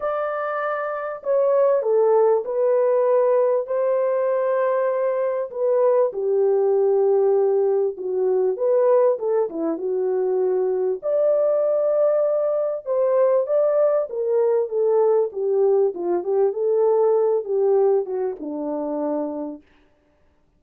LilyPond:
\new Staff \with { instrumentName = "horn" } { \time 4/4 \tempo 4 = 98 d''2 cis''4 a'4 | b'2 c''2~ | c''4 b'4 g'2~ | g'4 fis'4 b'4 a'8 e'8 |
fis'2 d''2~ | d''4 c''4 d''4 ais'4 | a'4 g'4 f'8 g'8 a'4~ | a'8 g'4 fis'8 d'2 | }